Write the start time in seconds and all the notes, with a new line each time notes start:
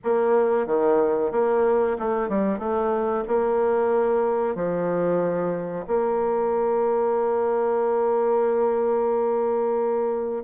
0.04 A#3
0.66 D#3
1.31 A#3
1.98 A3
2.29 G3
2.58 A3
3.27 A#3
4.55 F3
5.87 A#3